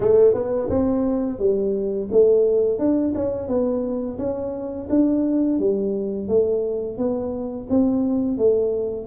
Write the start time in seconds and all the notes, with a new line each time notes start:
0.00 A3
0.34 B3
0.69 C4
1.38 G3
2.11 A3
2.78 D4
3.14 C#4
3.48 B3
4.18 C#4
4.89 D4
5.59 G3
6.28 A3
6.97 B3
7.69 C4
8.37 A3